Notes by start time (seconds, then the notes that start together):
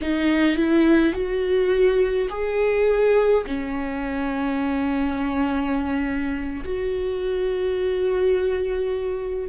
0.01 D#4
0.56 E4
1.13 F#4
2.29 G#4
3.46 C#4
6.64 F#4